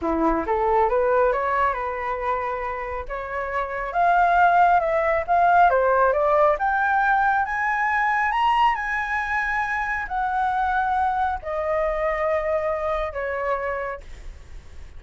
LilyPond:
\new Staff \with { instrumentName = "flute" } { \time 4/4 \tempo 4 = 137 e'4 a'4 b'4 cis''4 | b'2. cis''4~ | cis''4 f''2 e''4 | f''4 c''4 d''4 g''4~ |
g''4 gis''2 ais''4 | gis''2. fis''4~ | fis''2 dis''2~ | dis''2 cis''2 | }